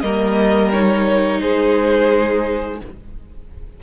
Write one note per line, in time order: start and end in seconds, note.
0.00 1.41 G3
0.00 0.73 A#3
0.00 1.40 A#4
0.00 0.70 D#5
0.72 2.82 D#4
0.72 1.40 C#5
1.40 2.81 G#3
1.40 2.80 G#4
1.40 2.80 C5